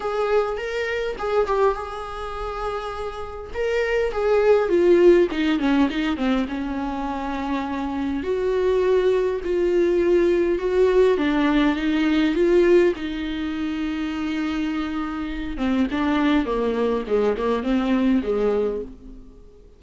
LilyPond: \new Staff \with { instrumentName = "viola" } { \time 4/4 \tempo 4 = 102 gis'4 ais'4 gis'8 g'8 gis'4~ | gis'2 ais'4 gis'4 | f'4 dis'8 cis'8 dis'8 c'8 cis'4~ | cis'2 fis'2 |
f'2 fis'4 d'4 | dis'4 f'4 dis'2~ | dis'2~ dis'8 c'8 d'4 | ais4 gis8 ais8 c'4 gis4 | }